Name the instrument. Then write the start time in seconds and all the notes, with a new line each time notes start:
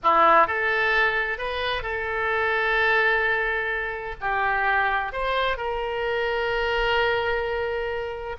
oboe
0.03 E4
0.47 A4
1.38 B4
1.82 A4
4.20 G4
5.12 C5
5.57 A#4